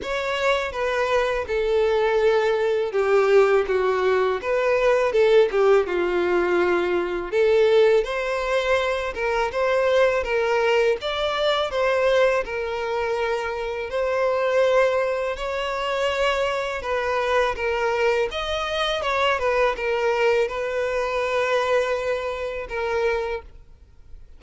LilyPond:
\new Staff \with { instrumentName = "violin" } { \time 4/4 \tempo 4 = 82 cis''4 b'4 a'2 | g'4 fis'4 b'4 a'8 g'8 | f'2 a'4 c''4~ | c''8 ais'8 c''4 ais'4 d''4 |
c''4 ais'2 c''4~ | c''4 cis''2 b'4 | ais'4 dis''4 cis''8 b'8 ais'4 | b'2. ais'4 | }